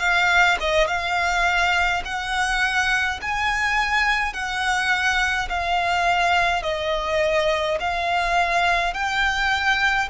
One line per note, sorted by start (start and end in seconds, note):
0.00 0.58 F5
0.60 0.88 D#5
0.88 2.03 F5
2.05 3.20 F#5
3.22 4.34 G#5
4.34 5.49 F#5
5.50 6.63 F5
6.63 7.78 D#5
7.80 8.94 F5
8.94 10.09 G5